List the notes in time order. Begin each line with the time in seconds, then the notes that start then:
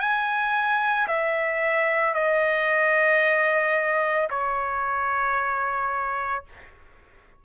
0.00 G#5
1.07 E5
2.14 D#5
4.30 C#5